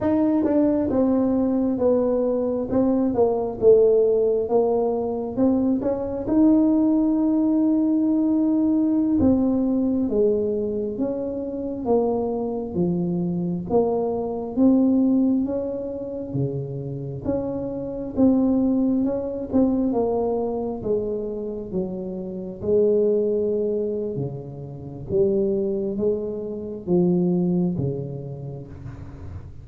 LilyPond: \new Staff \with { instrumentName = "tuba" } { \time 4/4 \tempo 4 = 67 dis'8 d'8 c'4 b4 c'8 ais8 | a4 ais4 c'8 cis'8 dis'4~ | dis'2~ dis'16 c'4 gis8.~ | gis16 cis'4 ais4 f4 ais8.~ |
ais16 c'4 cis'4 cis4 cis'8.~ | cis'16 c'4 cis'8 c'8 ais4 gis8.~ | gis16 fis4 gis4.~ gis16 cis4 | g4 gis4 f4 cis4 | }